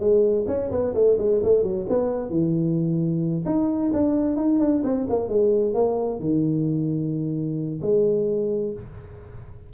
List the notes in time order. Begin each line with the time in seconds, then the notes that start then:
0.00 G#3
0.48 C#4
0.71 B3
0.95 A3
1.19 G#3
1.43 A3
1.63 F#3
1.89 B3
2.30 E3
3.46 D#4
3.93 D4
4.37 D#4
4.60 D4
4.84 C4
5.10 A#3
5.29 G#3
5.75 A#3
6.20 D#3
7.82 G#3